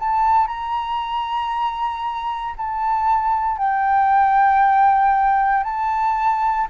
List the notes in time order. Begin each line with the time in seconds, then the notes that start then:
0.00 A5
0.48 A#5
2.58 A5
3.58 G5
5.64 A5